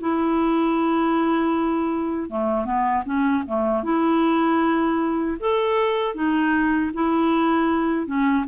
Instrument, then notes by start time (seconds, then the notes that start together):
clarinet
0.00 E4
2.30 A3
2.65 B3
3.06 C#4
3.47 A3
3.84 E4
5.40 A4
6.15 D#4
6.94 E4
8.07 C#4